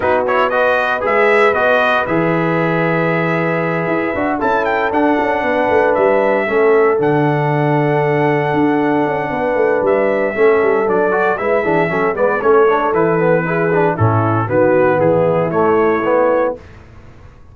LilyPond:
<<
  \new Staff \with { instrumentName = "trumpet" } { \time 4/4 \tempo 4 = 116 b'8 cis''8 dis''4 e''4 dis''4 | e''1~ | e''8 a''8 g''8 fis''2 e''8~ | e''4. fis''2~ fis''8~ |
fis''2. e''4~ | e''4 d''4 e''4. d''8 | cis''4 b'2 a'4 | b'4 gis'4 cis''2 | }
  \new Staff \with { instrumentName = "horn" } { \time 4/4 fis'4 b'2.~ | b'1~ | b'8 a'2 b'4.~ | b'8 a'2.~ a'8~ |
a'2 b'2 | a'2 b'8 gis'8 a'8 b'8 | a'2 gis'4 e'4 | fis'4 e'2. | }
  \new Staff \with { instrumentName = "trombone" } { \time 4/4 dis'8 e'8 fis'4 gis'4 fis'4 | gis'1 | fis'8 e'4 d'2~ d'8~ | d'8 cis'4 d'2~ d'8~ |
d'1 | cis'4 d'8 fis'8 e'8 d'8 cis'8 b8 | cis'8 d'8 e'8 b8 e'8 d'8 cis'4 | b2 a4 b4 | }
  \new Staff \with { instrumentName = "tuba" } { \time 4/4 b2 gis4 b4 | e2.~ e8 e'8 | d'8 cis'4 d'8 cis'8 b8 a8 g8~ | g8 a4 d2~ d8~ |
d8 d'4 cis'8 b8 a8 g4 | a8 g8 fis4 gis8 e8 fis8 gis8 | a4 e2 a,4 | dis4 e4 a2 | }
>>